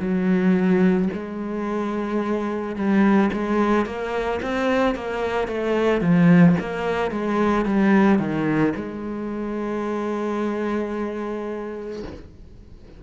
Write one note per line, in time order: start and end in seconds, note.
0.00 1.09 F#3
1.13 2.76 G#3
2.76 3.30 G3
3.33 3.86 G#3
3.86 4.40 A#3
4.42 4.95 C4
4.95 5.48 A#3
5.48 6.01 A3
6.01 6.56 F3
6.60 7.11 A#3
7.11 7.66 G#3
7.66 8.19 G3
8.19 8.74 D#3
8.76 12.03 G#3